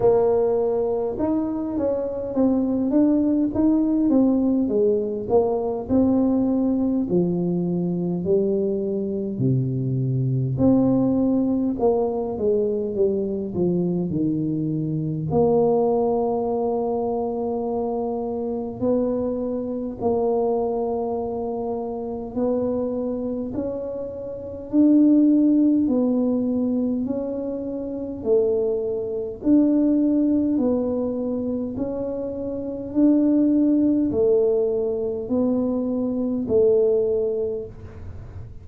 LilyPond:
\new Staff \with { instrumentName = "tuba" } { \time 4/4 \tempo 4 = 51 ais4 dis'8 cis'8 c'8 d'8 dis'8 c'8 | gis8 ais8 c'4 f4 g4 | c4 c'4 ais8 gis8 g8 f8 | dis4 ais2. |
b4 ais2 b4 | cis'4 d'4 b4 cis'4 | a4 d'4 b4 cis'4 | d'4 a4 b4 a4 | }